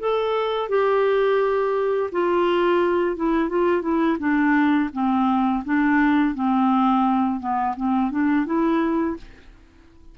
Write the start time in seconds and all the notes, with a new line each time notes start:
0.00 A4
0.70 G4
2.12 F4
3.17 E4
3.50 F4
3.82 E4
4.20 D4
4.93 C4
5.65 D4
6.35 C4
7.40 B3
7.77 C4
8.11 D4
8.46 E4